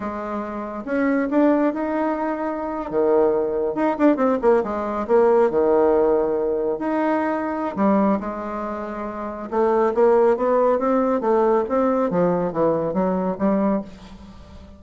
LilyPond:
\new Staff \with { instrumentName = "bassoon" } { \time 4/4 \tempo 4 = 139 gis2 cis'4 d'4 | dis'2~ dis'8. dis4~ dis16~ | dis8. dis'8 d'8 c'8 ais8 gis4 ais16~ | ais8. dis2. dis'16~ |
dis'2 g4 gis4~ | gis2 a4 ais4 | b4 c'4 a4 c'4 | f4 e4 fis4 g4 | }